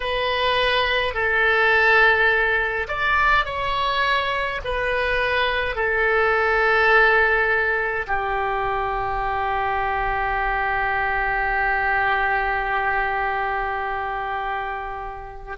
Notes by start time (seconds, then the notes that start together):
0.00 B4
1.14 A4
2.88 D5
3.45 C#5
4.64 B4
5.75 A4
8.07 G4